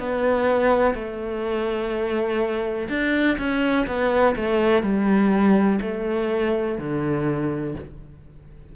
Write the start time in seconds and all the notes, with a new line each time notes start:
0.00 B3
0.95 A3
2.89 D4
3.39 C#4
3.88 B3
4.36 A3
4.83 G3
5.82 A3
6.79 D3